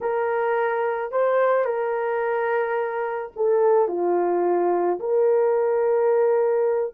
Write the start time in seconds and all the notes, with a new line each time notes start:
0.01 A#4
1.11 C5
1.65 A#4
3.36 A4
3.87 F4
4.99 A#4